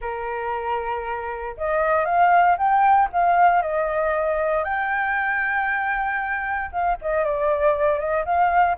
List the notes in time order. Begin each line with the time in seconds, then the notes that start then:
0.01 A#4
1.57 D#5
2.05 F5
2.57 G5
3.12 F5
3.61 D#5
4.64 G5
6.71 F5
7.01 D#5
7.24 D5
7.99 D#5
8.25 F5